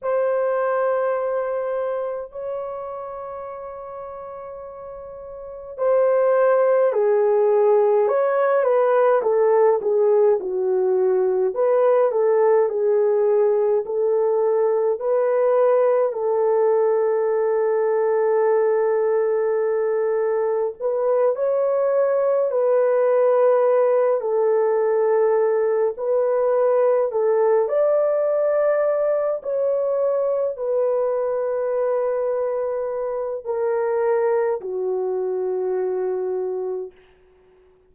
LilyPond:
\new Staff \with { instrumentName = "horn" } { \time 4/4 \tempo 4 = 52 c''2 cis''2~ | cis''4 c''4 gis'4 cis''8 b'8 | a'8 gis'8 fis'4 b'8 a'8 gis'4 | a'4 b'4 a'2~ |
a'2 b'8 cis''4 b'8~ | b'4 a'4. b'4 a'8 | d''4. cis''4 b'4.~ | b'4 ais'4 fis'2 | }